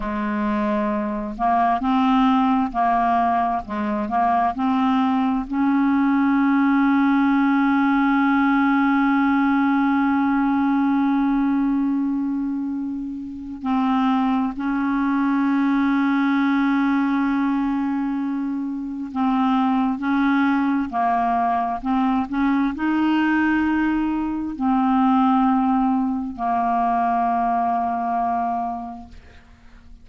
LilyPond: \new Staff \with { instrumentName = "clarinet" } { \time 4/4 \tempo 4 = 66 gis4. ais8 c'4 ais4 | gis8 ais8 c'4 cis'2~ | cis'1~ | cis'2. c'4 |
cis'1~ | cis'4 c'4 cis'4 ais4 | c'8 cis'8 dis'2 c'4~ | c'4 ais2. | }